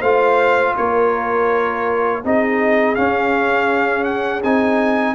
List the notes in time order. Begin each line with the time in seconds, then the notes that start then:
0.00 A3 F4 C5 F5
0.77 A#3 A#4 C#5
2.25 C4 D#4 G#4 D#5
2.96 C#4 F5
4.05 F#5
4.44 C4 D#4 G#5